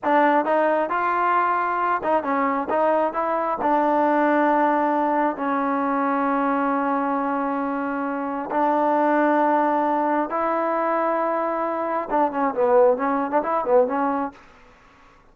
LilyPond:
\new Staff \with { instrumentName = "trombone" } { \time 4/4 \tempo 4 = 134 d'4 dis'4 f'2~ | f'8 dis'8 cis'4 dis'4 e'4 | d'1 | cis'1~ |
cis'2. d'4~ | d'2. e'4~ | e'2. d'8 cis'8 | b4 cis'8. d'16 e'8 b8 cis'4 | }